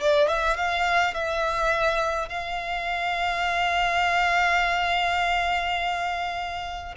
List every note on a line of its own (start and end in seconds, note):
0.00 0.28 D5
0.28 0.57 E5
0.57 1.14 F5
1.14 2.29 E5
2.29 6.95 F5